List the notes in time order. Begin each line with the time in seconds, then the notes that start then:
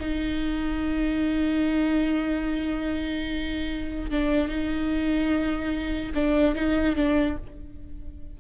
0.00 D#4
4.11 D4
4.48 D#4
6.15 D4
6.55 D#4
6.96 D4